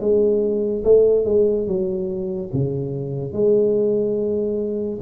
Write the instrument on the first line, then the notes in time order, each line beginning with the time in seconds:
tuba
0.00 G#3
0.84 A3
1.25 G#3
1.67 F#3
2.53 C#3
3.32 G#3